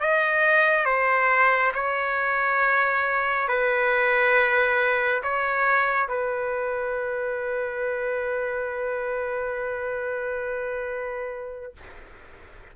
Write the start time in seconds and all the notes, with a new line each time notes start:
0.00 D#5
0.85 C5
1.74 C#5
3.48 B4
5.23 C#5
6.08 B4